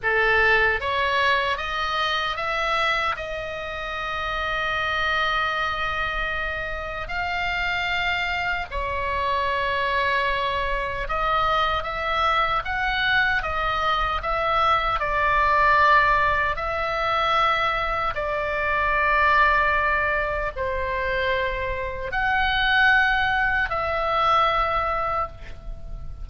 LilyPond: \new Staff \with { instrumentName = "oboe" } { \time 4/4 \tempo 4 = 76 a'4 cis''4 dis''4 e''4 | dis''1~ | dis''4 f''2 cis''4~ | cis''2 dis''4 e''4 |
fis''4 dis''4 e''4 d''4~ | d''4 e''2 d''4~ | d''2 c''2 | fis''2 e''2 | }